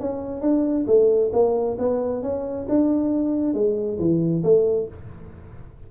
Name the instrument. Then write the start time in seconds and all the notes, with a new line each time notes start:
tuba
0.00 C#4
0.41 D4
0.87 A3
1.33 A#3
1.78 B3
2.23 C#4
2.69 D4
3.54 G#3
3.99 E3
4.44 A3